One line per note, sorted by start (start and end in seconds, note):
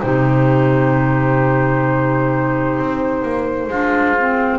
0.00 2.79 C3
0.00 3.70 D#4
0.00 3.69 G4
0.00 4.59 C5
2.79 3.22 C4
3.22 3.68 A#3
3.68 4.59 G#3
3.68 4.17 D4
3.68 4.59 F4
4.19 4.59 C4